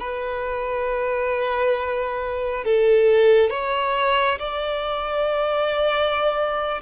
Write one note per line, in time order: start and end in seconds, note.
0.00 2.65 B4
2.65 3.51 A4
3.51 4.39 C#5
4.39 6.82 D5